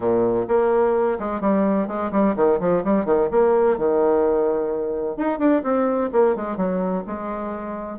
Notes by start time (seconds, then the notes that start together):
0.00 A#2
0.48 A#3
1.19 G#3
1.40 G3
1.87 G#3
2.11 G3
2.36 D#3
2.60 F3
2.84 G3
3.05 D#3
3.31 A#3
3.77 D#3
5.16 D#4
5.38 D4
5.63 C4
6.12 A#3
6.35 G#3
6.56 F#3
7.06 G#3